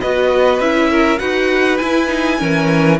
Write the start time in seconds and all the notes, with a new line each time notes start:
0.00 B3 F#4 B4 D#5
0.59 C#4 E4 E5
0.90 A#4
1.18 D#4 F#4 B4 F#5
1.77 E4 G#5
2.07 D#4
2.38 E3 C#4 A#4